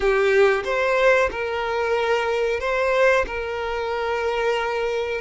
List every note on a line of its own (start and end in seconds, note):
0.00 0.63 G4
0.64 1.29 C5
1.31 2.60 A#4
2.60 3.25 C5
3.26 5.21 A#4